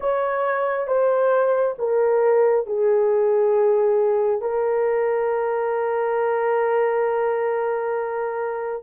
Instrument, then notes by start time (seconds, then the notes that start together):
horn
0.00 C#5
0.87 C5
1.78 A#4
2.66 G#4
4.41 A#4